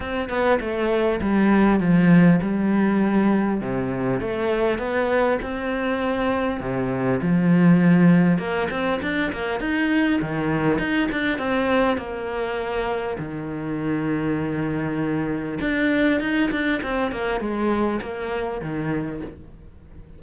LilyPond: \new Staff \with { instrumentName = "cello" } { \time 4/4 \tempo 4 = 100 c'8 b8 a4 g4 f4 | g2 c4 a4 | b4 c'2 c4 | f2 ais8 c'8 d'8 ais8 |
dis'4 dis4 dis'8 d'8 c'4 | ais2 dis2~ | dis2 d'4 dis'8 d'8 | c'8 ais8 gis4 ais4 dis4 | }